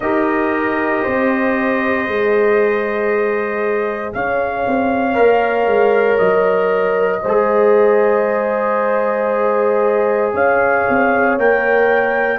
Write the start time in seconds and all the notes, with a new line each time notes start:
0.00 D#4 G4 A#4 D#5
1.03 C4 C5
2.07 G#3 G#4
4.13 C#4 C#5 F5
4.67 C4
5.14 A#3 A#4
5.66 G#3
6.17 F#3 D#5
7.22 G#3 G#4 C5
10.33 C#4 C#5 F5
10.89 C4
11.37 A#3 A#4 G5